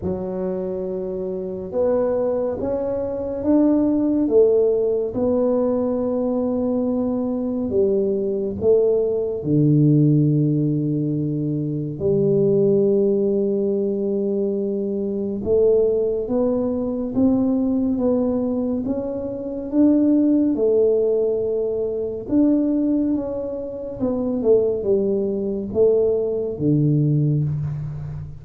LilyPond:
\new Staff \with { instrumentName = "tuba" } { \time 4/4 \tempo 4 = 70 fis2 b4 cis'4 | d'4 a4 b2~ | b4 g4 a4 d4~ | d2 g2~ |
g2 a4 b4 | c'4 b4 cis'4 d'4 | a2 d'4 cis'4 | b8 a8 g4 a4 d4 | }